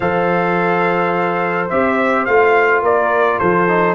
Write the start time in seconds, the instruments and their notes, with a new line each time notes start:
0.00 tuba F3, trombone A4, horn C5, trumpet F5
1.69 tuba C4, trombone G4, trumpet E5
2.25 tuba A3, trombone F4, trumpet F5
2.82 tuba A#3, horn A#4, trumpet D5
3.39 tuba F3, horn A4, trumpet C5
3.68 trombone D#4